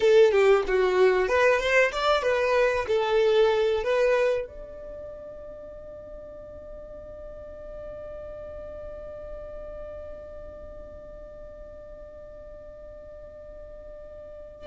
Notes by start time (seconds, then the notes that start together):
0.00 A4
0.31 G4
0.67 F#4
1.28 B4
1.60 C5
1.91 D5
2.22 B4
2.87 A4
3.83 B4
4.47 D5